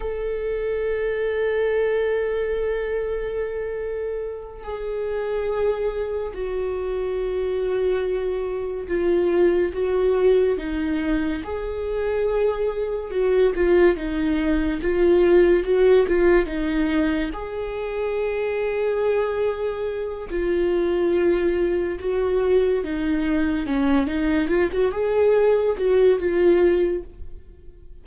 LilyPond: \new Staff \with { instrumentName = "viola" } { \time 4/4 \tempo 4 = 71 a'1~ | a'4. gis'2 fis'8~ | fis'2~ fis'8 f'4 fis'8~ | fis'8 dis'4 gis'2 fis'8 |
f'8 dis'4 f'4 fis'8 f'8 dis'8~ | dis'8 gis'2.~ gis'8 | f'2 fis'4 dis'4 | cis'8 dis'8 f'16 fis'16 gis'4 fis'8 f'4 | }